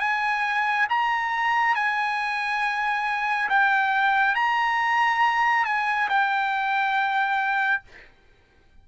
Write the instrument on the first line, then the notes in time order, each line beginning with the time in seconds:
trumpet
0.00 G#5
0.90 A#5
1.75 G#5
3.49 G5
4.35 A#5
5.65 G#5
6.09 G5